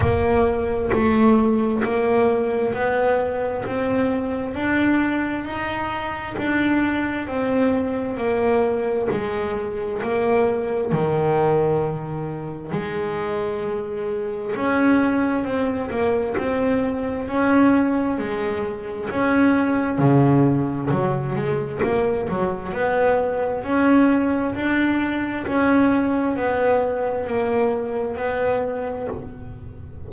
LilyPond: \new Staff \with { instrumentName = "double bass" } { \time 4/4 \tempo 4 = 66 ais4 a4 ais4 b4 | c'4 d'4 dis'4 d'4 | c'4 ais4 gis4 ais4 | dis2 gis2 |
cis'4 c'8 ais8 c'4 cis'4 | gis4 cis'4 cis4 fis8 gis8 | ais8 fis8 b4 cis'4 d'4 | cis'4 b4 ais4 b4 | }